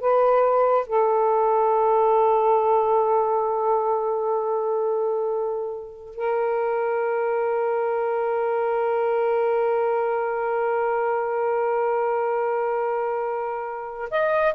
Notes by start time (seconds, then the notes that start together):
0.00 B4
0.87 A4
6.15 A#4
14.11 D#5